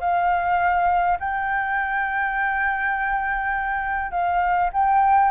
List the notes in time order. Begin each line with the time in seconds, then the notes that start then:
0.00 F5
1.20 G5
4.11 F5
4.73 G5